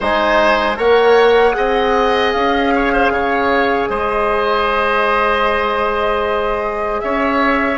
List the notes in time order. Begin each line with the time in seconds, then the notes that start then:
0.00 G#3 D#4 C5 G#5
0.76 A#3 A#4 C#5 F#5
1.52 C4 G#4 D#5
2.32 C#4 F5
2.75 C#5
2.92 C5
3.10 C#3 C#5
3.88 G#3 C5 D#5
7.00 C#4 C#5 E5